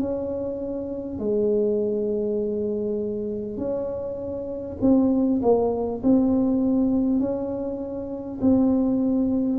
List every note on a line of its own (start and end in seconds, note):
0.00 1.19 C#4
1.19 3.57 G#3
3.57 4.77 C#4
4.82 5.42 C4
5.42 6.02 A#3
6.03 7.20 C4
7.20 8.40 C#4
8.41 9.59 C4